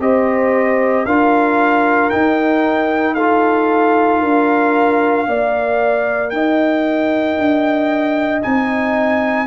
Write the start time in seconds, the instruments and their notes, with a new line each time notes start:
0.00 tuba C4, trombone G4, horn C5, trumpet D#5
1.06 tuba D4, trombone F4, horn A#4, trumpet F5
2.10 trombone D#4, tuba D#4, trumpet G5
3.15 trombone F4, horn A4, trumpet F5
4.21 tuba D4, horn A#4
5.28 tuba A#3, trombone A#4, horn D5
6.30 tuba D#4, horn D#5, trumpet G5
7.38 tuba D4
8.42 tuba C4, trombone D#4, trumpet G#5